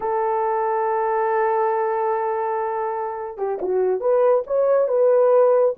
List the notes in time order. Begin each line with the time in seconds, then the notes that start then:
0.00 A4
3.37 G4
3.61 F#4
4.00 B4
4.46 C#5
4.87 B4